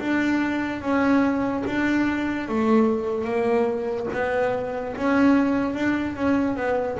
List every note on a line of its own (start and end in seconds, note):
0.00 0.82 D4
0.82 1.64 C#4
1.67 2.49 D4
2.49 3.25 A3
3.25 4.07 A#3
4.14 4.96 B3
4.97 5.75 C#4
5.75 6.16 D4
6.16 6.57 C#4
6.57 6.98 B3